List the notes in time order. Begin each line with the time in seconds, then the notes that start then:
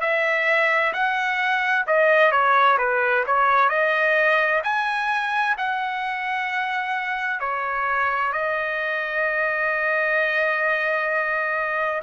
0.00 E5
0.93 F#5
1.86 D#5
2.31 C#5
2.78 B4
3.26 C#5
3.69 D#5
4.63 G#5
5.57 F#5
7.40 C#5
8.32 D#5